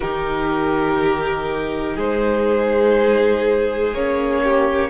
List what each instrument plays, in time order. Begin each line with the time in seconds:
0.00 cello D#3, viola D#4, violin G4 A#4
1.95 cello G#3, violin G#4 C5
3.93 cello A#3, viola C#4, violin C#5
4.43 violin G4